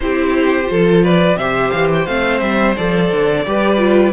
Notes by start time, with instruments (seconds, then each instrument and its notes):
0.00 cello C4, viola E4, violin G4 C5
0.65 cello F3, viola F4, violin A4
1.03 violin B4 D5
1.36 cello C3, viola G4, violin C5 E5
1.70 cello E3, violin F5
1.92 violin G5
2.06 cello A3, viola C4, violin F5
2.40 cello G3, violin E5
2.76 cello F3, viola A4, violin D5
3.11 cello D3
3.46 cello G3, viola G4, violin B4
3.77 viola F4